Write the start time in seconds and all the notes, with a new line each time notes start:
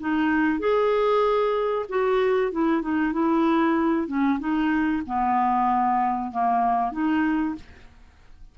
0.00 D#4
0.59 G#4
1.89 F#4
2.52 E4
2.82 D#4
3.13 E4
4.07 C#4
4.39 D#4
5.06 B3
6.32 A#3
6.92 D#4